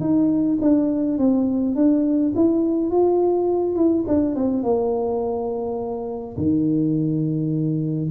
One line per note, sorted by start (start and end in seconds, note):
0.00 0.58 D#4
0.61 1.18 D4
1.18 1.75 C4
1.75 2.33 D4
2.35 2.90 E4
2.90 3.75 F4
3.75 4.04 E4
4.07 4.35 D4
4.35 4.63 C4
4.63 6.36 A#3
6.36 8.10 D#3